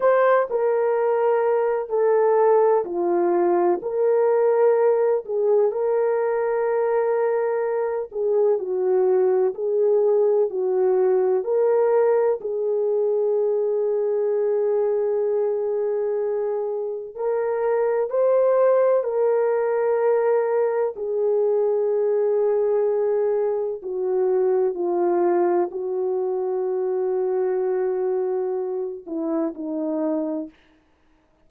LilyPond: \new Staff \with { instrumentName = "horn" } { \time 4/4 \tempo 4 = 63 c''8 ais'4. a'4 f'4 | ais'4. gis'8 ais'2~ | ais'8 gis'8 fis'4 gis'4 fis'4 | ais'4 gis'2.~ |
gis'2 ais'4 c''4 | ais'2 gis'2~ | gis'4 fis'4 f'4 fis'4~ | fis'2~ fis'8 e'8 dis'4 | }